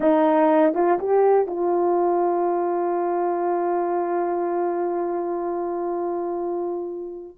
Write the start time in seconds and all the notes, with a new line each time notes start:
0.00 D#4
0.74 F4
0.98 G4
1.46 F4